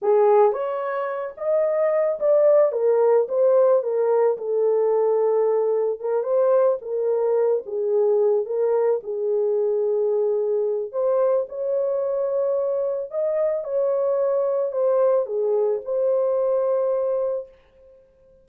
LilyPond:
\new Staff \with { instrumentName = "horn" } { \time 4/4 \tempo 4 = 110 gis'4 cis''4. dis''4. | d''4 ais'4 c''4 ais'4 | a'2. ais'8 c''8~ | c''8 ais'4. gis'4. ais'8~ |
ais'8 gis'2.~ gis'8 | c''4 cis''2. | dis''4 cis''2 c''4 | gis'4 c''2. | }